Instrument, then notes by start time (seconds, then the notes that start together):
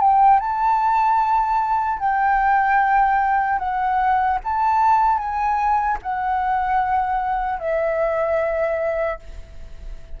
flute
0.00 G5
0.39 A5
1.99 G5
3.59 F#5
4.44 A5
5.18 G#5
6.02 F#5
7.59 E5